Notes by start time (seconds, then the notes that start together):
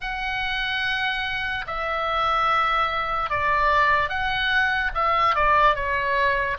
0.00 F#5
1.66 E5
3.30 D5
4.09 F#5
4.94 E5
5.35 D5
5.75 C#5